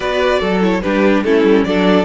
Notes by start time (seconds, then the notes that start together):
0.00 B3 F#4 B4 D5
0.39 F#3 A4
0.61 E4 C#5
0.81 G3 D4 G4 B4
1.23 A3 C#4 E4 A4
1.44 G3
1.64 F#3 D4 A4 D5